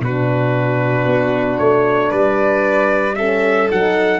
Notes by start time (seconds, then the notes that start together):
0.00 B2 D4 F#4 B4
1.05 B3
1.58 A3 C#5
2.10 G3 B4 D5
3.15 C#4 A4 E5
3.69 F#3 D#4 F#5